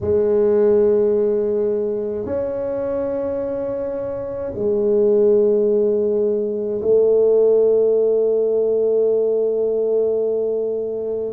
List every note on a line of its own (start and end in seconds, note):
0.00 2.25 G#3
2.25 4.52 C#4
4.54 6.81 G#3
6.81 11.32 A3